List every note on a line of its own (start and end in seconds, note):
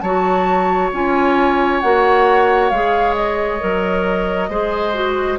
0.00 0.91 F#3
0.00 0.93 F#4
0.00 4.49 C#5
0.00 0.90 A5
0.92 1.82 C#4
0.92 1.82 F4
0.92 1.80 G#5
1.80 2.71 A#3
1.80 2.72 F#4
1.80 2.69 F#5
2.69 3.60 G#3
2.69 3.59 G#4
2.69 3.14 F5
3.15 5.38 D#5
3.59 4.49 F#3
3.59 4.49 A#4
4.49 5.38 G#3
4.49 4.93 G#4
4.49 5.38 C5
4.93 5.38 F#4